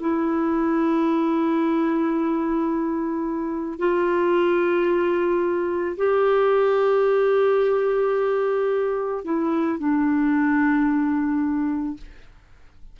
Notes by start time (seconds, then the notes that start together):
0.00 E4
3.79 F4
5.97 G4
9.25 E4
9.79 D4